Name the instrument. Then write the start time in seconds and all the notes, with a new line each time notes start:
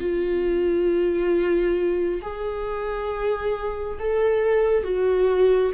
viola
0.00 F4
2.22 G#4
3.99 A4
4.84 F#4